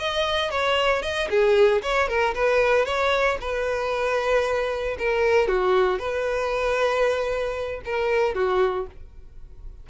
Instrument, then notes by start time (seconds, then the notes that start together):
violin
0.00 D#5
0.51 C#5
1.03 D#5
1.30 G#4
1.83 C#5
2.09 A#4
2.35 B4
2.86 C#5
3.41 B4
4.99 A#4
5.48 F#4
5.99 B4
7.85 A#4
8.35 F#4